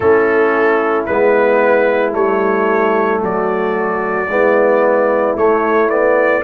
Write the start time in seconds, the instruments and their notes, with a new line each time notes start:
0.00 tuba A3, trombone C#4, horn E4, trumpet A4
1.05 tuba G#3, trombone B3, trumpet B4
2.12 tuba G3, trombone A3, trumpet C#5
3.21 tuba F#3, horn F#4, trumpet D5
4.27 tuba G#3, trombone B3, horn E4
5.36 tuba A3, trombone A3, trumpet C#5
5.89 trombone B3, trumpet D5